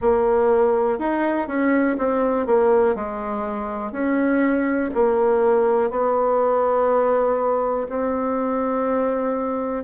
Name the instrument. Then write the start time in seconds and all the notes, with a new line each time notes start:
bassoon
0.00 A#3
0.98 D#4
1.47 C#4
1.98 C4
2.46 A#3
2.95 G#3
3.92 C#4
4.94 A#3
5.90 B3
7.89 C4